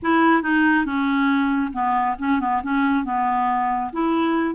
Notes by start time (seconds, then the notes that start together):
0.02 E4
0.42 D#4
0.85 C#4
1.73 B3
2.18 C#4
2.40 B3
2.62 C#4
3.04 B3
3.92 E4